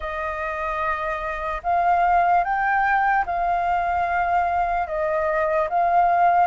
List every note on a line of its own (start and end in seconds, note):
0.00 1.61 D#5
1.63 2.43 F5
2.43 3.24 G5
3.26 4.87 F5
4.87 5.68 D#5
5.69 6.46 F5